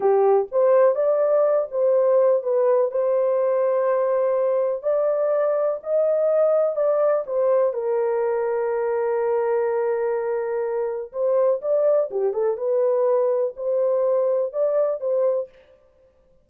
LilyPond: \new Staff \with { instrumentName = "horn" } { \time 4/4 \tempo 4 = 124 g'4 c''4 d''4. c''8~ | c''4 b'4 c''2~ | c''2 d''2 | dis''2 d''4 c''4 |
ais'1~ | ais'2. c''4 | d''4 g'8 a'8 b'2 | c''2 d''4 c''4 | }